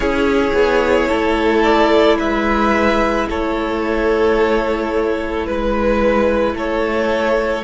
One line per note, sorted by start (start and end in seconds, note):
0.00 0.52 C#4
0.00 7.64 E4
0.00 1.08 G#4
0.00 1.61 C#5
0.53 1.07 B3
1.08 2.20 A3
1.08 2.17 A4
1.63 2.17 D5
2.18 3.29 G#3
2.18 3.27 B4
2.18 3.28 E5
3.29 5.47 A3
3.29 5.47 A4
3.29 5.46 C#5
5.46 6.53 G#3
5.46 6.55 B4
5.46 6.54 B4
6.53 7.62 A3
6.53 7.63 A4
6.53 7.64 C#5